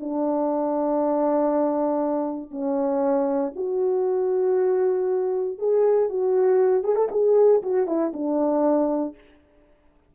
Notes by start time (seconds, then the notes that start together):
0.00 D4
2.51 C#4
3.55 F#4
5.58 G#4
6.09 F#4
6.83 G#4
6.96 A4
7.11 G#4
7.62 F#4
7.87 E4
8.13 D4